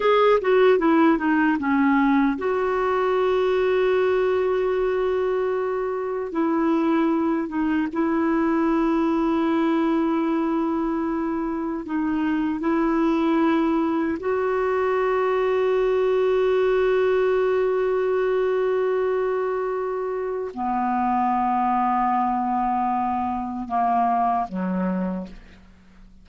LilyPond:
\new Staff \with { instrumentName = "clarinet" } { \time 4/4 \tempo 4 = 76 gis'8 fis'8 e'8 dis'8 cis'4 fis'4~ | fis'1 | e'4. dis'8 e'2~ | e'2. dis'4 |
e'2 fis'2~ | fis'1~ | fis'2 b2~ | b2 ais4 fis4 | }